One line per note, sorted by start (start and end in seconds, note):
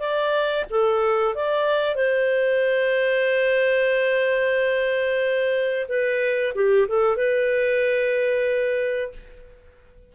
0.00 0.65 D5
0.71 1.35 A4
1.35 1.95 D5
1.95 5.87 C5
5.89 6.54 B4
6.55 6.88 G4
6.88 7.17 A4
7.17 9.12 B4